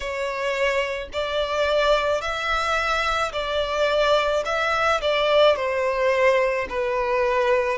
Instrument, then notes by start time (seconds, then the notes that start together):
violin
0.00 C#5
1.12 D5
2.21 E5
3.32 D5
4.44 E5
5.01 D5
5.56 C5
6.69 B4